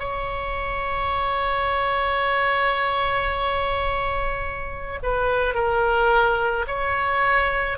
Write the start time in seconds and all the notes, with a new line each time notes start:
0.00 C#5
5.04 B4
5.55 A#4
6.68 C#5